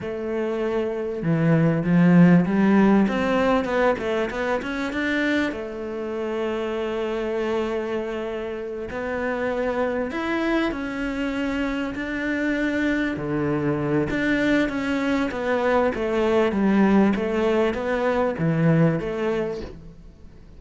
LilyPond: \new Staff \with { instrumentName = "cello" } { \time 4/4 \tempo 4 = 98 a2 e4 f4 | g4 c'4 b8 a8 b8 cis'8 | d'4 a2.~ | a2~ a8 b4.~ |
b8 e'4 cis'2 d'8~ | d'4. d4. d'4 | cis'4 b4 a4 g4 | a4 b4 e4 a4 | }